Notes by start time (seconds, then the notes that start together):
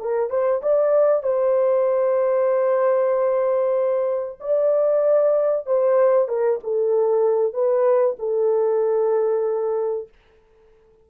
0.00 A#4
0.30 C5
0.62 D5
1.23 C5
4.41 D5
5.66 C5
6.28 A#4
6.64 A4
7.54 B4
8.19 A4